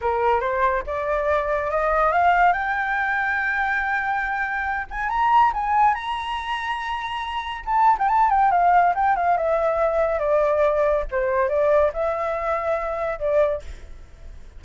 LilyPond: \new Staff \with { instrumentName = "flute" } { \time 4/4 \tempo 4 = 141 ais'4 c''4 d''2 | dis''4 f''4 g''2~ | g''2.~ g''8 gis''8 | ais''4 gis''4 ais''2~ |
ais''2 a''8. g''16 a''8 g''8 | f''4 g''8 f''8 e''2 | d''2 c''4 d''4 | e''2. d''4 | }